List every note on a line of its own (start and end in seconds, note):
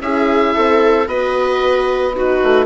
0.00 0.54 C#4
0.00 1.07 E4
0.00 0.54 G#4
0.00 1.08 E5
0.54 1.07 C4
0.54 1.08 A4
1.07 2.41 B3
1.07 2.14 F#4
1.07 2.15 B4
1.07 2.15 D#5
2.14 2.66 D#4
2.14 2.66 F#4
2.14 2.66 B4
2.43 2.66 A3